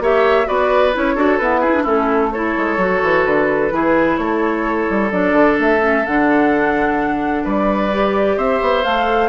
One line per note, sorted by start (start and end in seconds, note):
0.00 0.47 A#3
0.00 0.46 G4
0.00 0.47 C#5
0.00 0.48 E5
0.46 0.95 B3
0.46 0.92 F#4
0.46 1.15 B4
0.46 0.94 D5
0.93 1.16 C#4
0.93 1.17 E4
0.93 1.38 C#5
1.15 1.39 D4
1.15 1.40 F#4
1.15 1.60 A4
1.38 1.64 B3
1.38 1.86 E4
1.38 1.85 B4
1.60 1.75 E4
1.60 1.83 G#4
1.75 1.85 D4
1.83 2.56 A3
1.83 2.32 C#4
1.83 2.29 E4
1.83 2.32 A4
2.32 2.79 E4
2.32 3.74 A4
2.32 3.25 C#5
2.57 2.77 G#3
2.77 3.00 F#3
2.77 3.71 F#4
3.03 3.26 E3
3.25 3.72 D3
3.25 4.17 B4
3.71 4.18 E3
3.71 5.10 E4
3.71 4.20 G#4
4.17 4.88 A3
4.17 7.44 A4
4.17 5.10 C#5
4.90 5.12 G3
5.11 5.32 F#3
5.11 5.80 D4
5.11 5.58 D5
5.32 5.56 D3
5.59 6.06 A3
5.59 6.06 E5
5.80 6.03 C#4
6.06 7.45 D3
6.06 7.92 D4
6.06 7.45 F#5
7.44 8.37 G3
7.44 8.37 B4
7.44 8.38 D5
7.92 8.84 G4
8.37 8.61 C4
8.37 9.29 C5
8.37 8.84 E5
8.61 8.85 B3
8.84 9.29 A3
8.84 9.29 A4
8.84 9.29 F5